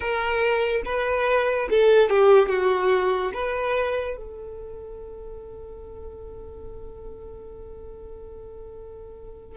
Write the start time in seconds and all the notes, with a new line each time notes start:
0.00 A#4
0.85 B4
1.70 A4
2.09 G4
2.48 F#4
3.33 B4
4.16 A4